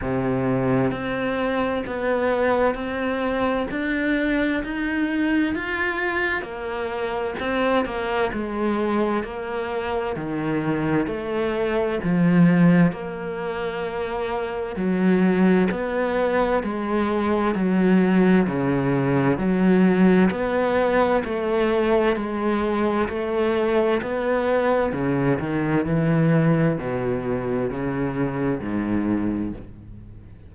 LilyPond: \new Staff \with { instrumentName = "cello" } { \time 4/4 \tempo 4 = 65 c4 c'4 b4 c'4 | d'4 dis'4 f'4 ais4 | c'8 ais8 gis4 ais4 dis4 | a4 f4 ais2 |
fis4 b4 gis4 fis4 | cis4 fis4 b4 a4 | gis4 a4 b4 cis8 dis8 | e4 b,4 cis4 gis,4 | }